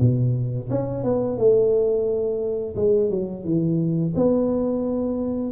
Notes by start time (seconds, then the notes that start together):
0.00 B2
0.70 C#4
1.03 B3
1.38 A3
2.76 G#3
3.10 F#3
3.45 E3
4.15 B3